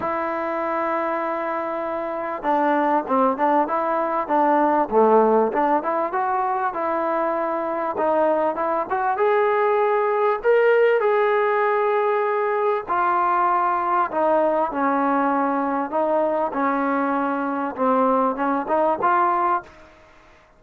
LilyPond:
\new Staff \with { instrumentName = "trombone" } { \time 4/4 \tempo 4 = 98 e'1 | d'4 c'8 d'8 e'4 d'4 | a4 d'8 e'8 fis'4 e'4~ | e'4 dis'4 e'8 fis'8 gis'4~ |
gis'4 ais'4 gis'2~ | gis'4 f'2 dis'4 | cis'2 dis'4 cis'4~ | cis'4 c'4 cis'8 dis'8 f'4 | }